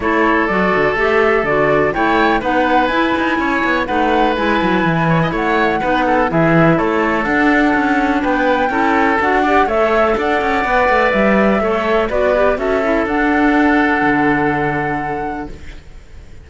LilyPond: <<
  \new Staff \with { instrumentName = "flute" } { \time 4/4 \tempo 4 = 124 cis''4 d''4 e''4 d''4 | g''4 fis''4 gis''2 | fis''4 gis''2 fis''4~ | fis''4 e''4 cis''4 fis''4~ |
fis''4 g''2 fis''4 | e''4 fis''2 e''4~ | e''4 d''4 e''4 fis''4~ | fis''1 | }
  \new Staff \with { instrumentName = "oboe" } { \time 4/4 a'1 | cis''4 b'2 cis''4 | b'2~ b'8 cis''16 dis''16 cis''4 | b'8 a'8 gis'4 a'2~ |
a'4 b'4 a'4. d''8 | cis''4 d''2. | cis''4 b'4 a'2~ | a'1 | }
  \new Staff \with { instrumentName = "clarinet" } { \time 4/4 e'4 fis'4 g'4 fis'4 | e'4 dis'4 e'2 | dis'4 e'2. | dis'4 e'2 d'4~ |
d'2 e'4 fis'8 g'8 | a'2 b'2 | a'4 fis'8 g'8 fis'8 e'8 d'4~ | d'1 | }
  \new Staff \with { instrumentName = "cello" } { \time 4/4 a4 fis8 d8 a4 d4 | a4 b4 e'8 dis'8 cis'8 b8 | a4 gis8 fis8 e4 a4 | b4 e4 a4 d'4 |
cis'4 b4 cis'4 d'4 | a4 d'8 cis'8 b8 a8 g4 | a4 b4 cis'4 d'4~ | d'4 d2. | }
>>